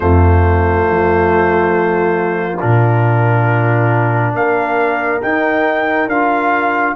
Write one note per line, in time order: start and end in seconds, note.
0.00 0.86 F2
0.00 2.58 A3
0.00 4.35 F4
0.00 2.59 C5
0.88 2.62 F3
2.60 4.34 A#2
2.60 5.21 D4
2.60 4.34 A#4
4.34 5.20 A#3
4.34 6.95 A#4
4.34 5.22 F5
5.22 6.09 D#4
5.22 6.07 D#4
5.22 6.09 G5
6.07 6.94 D4
6.07 6.95 F4
6.07 6.95 F5